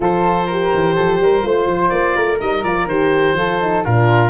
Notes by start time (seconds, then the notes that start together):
0.00 F3 F4 A4 C5
0.46 G4 A#4
0.73 E3
0.95 F3 A4
1.19 G3 A#4
1.42 A3 F4 C5
1.66 F3
1.89 A#3 D5
2.16 A3 A#4
2.40 G3 D#4 D#5
2.63 F3 F4 D5
2.85 D#3 G4 C5
3.33 F3 F4 A4
3.60 D#4
3.84 A#2 D4 F4 A#4